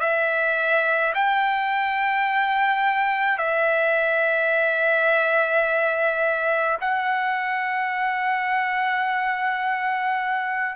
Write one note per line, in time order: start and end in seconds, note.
0.00 1.13 E5
1.14 3.38 G5
3.38 6.78 E5
6.81 10.75 F#5